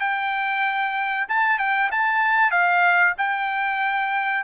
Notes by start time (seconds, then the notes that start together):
0.00 G5
1.28 A5
1.58 G5
1.91 A5
2.51 F5
3.18 G5